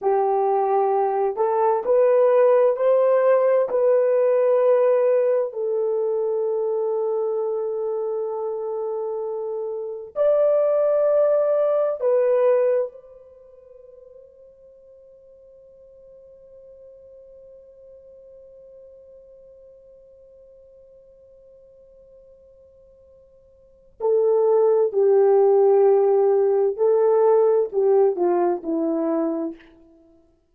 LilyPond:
\new Staff \with { instrumentName = "horn" } { \time 4/4 \tempo 4 = 65 g'4. a'8 b'4 c''4 | b'2 a'2~ | a'2. d''4~ | d''4 b'4 c''2~ |
c''1~ | c''1~ | c''2 a'4 g'4~ | g'4 a'4 g'8 f'8 e'4 | }